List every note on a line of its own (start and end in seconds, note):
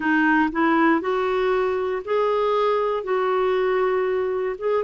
0.00 0.49 D#4
0.52 1.00 E4
1.00 2.02 F#4
2.04 3.03 G#4
3.03 4.56 F#4
4.58 4.83 G#4